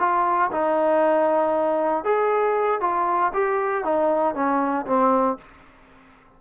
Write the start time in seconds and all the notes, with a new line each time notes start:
0.00 F4
0.52 D#4
2.05 G#4
2.81 F4
3.34 G4
3.85 D#4
4.35 C#4
4.87 C4